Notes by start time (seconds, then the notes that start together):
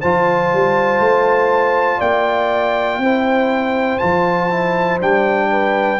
0.00 F3 F4 C5 A5
0.53 G3
0.99 A3
1.98 A#3 D5 G5
2.98 C4 E4 C5
3.98 F3 F4 A5
4.50 E4
5.00 G3 D4 G5
5.51 B4